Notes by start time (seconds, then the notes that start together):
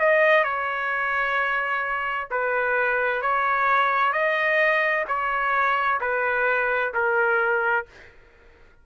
0.00 D#5
0.44 C#5
2.31 B4
3.22 C#5
4.13 D#5
5.08 C#5
6.01 B4
6.94 A#4